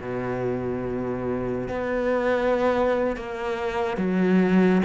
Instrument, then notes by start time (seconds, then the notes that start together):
cello
0.00 B2
1.68 B3
3.16 A#3
3.97 F#3